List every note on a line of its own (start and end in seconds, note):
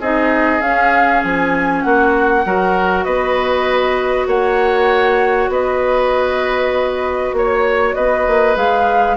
0.00 0.60 C4
0.00 0.60 D#4
0.00 1.83 G#4
0.00 0.61 D#5
0.60 1.22 C#4
0.60 2.44 C#4
0.60 1.22 F5
1.23 1.84 F3
1.23 1.82 G#5
1.82 2.45 A#3
1.82 2.45 F#4
1.82 3.03 F#5
2.45 3.05 F#3
2.45 8.55 F#4
2.45 3.04 A#4
3.03 4.26 B3
3.03 4.27 B4
3.03 4.26 D#5
4.26 5.48 A#3
4.26 5.49 C#5
4.26 5.51 F#5
5.48 7.32 B3
5.48 7.35 B4
5.48 7.35 D#5
7.32 7.93 A#3
7.32 7.95 C#5
7.32 7.94 C#5
7.94 8.27 B3
7.94 9.17 B4
7.94 8.55 D#5
8.27 8.56 A#3
8.55 9.17 G#3
8.55 9.17 G#4
8.55 9.17 F5